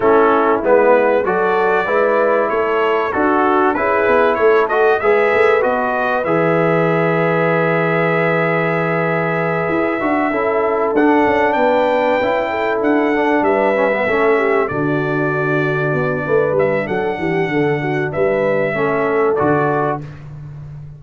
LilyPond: <<
  \new Staff \with { instrumentName = "trumpet" } { \time 4/4 \tempo 4 = 96 a'4 b'4 d''2 | cis''4 a'4 b'4 cis''8 dis''8 | e''4 dis''4 e''2~ | e''1~ |
e''4. fis''4 g''4.~ | g''8 fis''4 e''2 d''8~ | d''2~ d''8 e''8 fis''4~ | fis''4 e''2 d''4 | }
  \new Staff \with { instrumentName = "horn" } { \time 4/4 e'2 a'4 b'4 | a'4 fis'4 gis'4 a'4 | b'1~ | b'1~ |
b'8 a'2 b'4. | a'4. b'4 a'8 g'8 fis'8~ | fis'2 b'4 a'8 g'8 | a'8 fis'8 b'4 a'2 | }
  \new Staff \with { instrumentName = "trombone" } { \time 4/4 cis'4 b4 fis'4 e'4~ | e'4 fis'4 e'4. fis'8 | gis'4 fis'4 gis'2~ | gis'1 |
fis'8 e'4 d'2 e'8~ | e'4 d'4 cis'16 b16 cis'4 d'8~ | d'1~ | d'2 cis'4 fis'4 | }
  \new Staff \with { instrumentName = "tuba" } { \time 4/4 a4 gis4 fis4 gis4 | a4 d'4 cis'8 b8 a4 | gis8 a8 b4 e2~ | e2.~ e8 e'8 |
d'8 cis'4 d'8 cis'8 b4 cis'8~ | cis'8 d'4 g4 a4 d8~ | d4. b8 a8 g8 fis8 e8 | d4 g4 a4 d4 | }
>>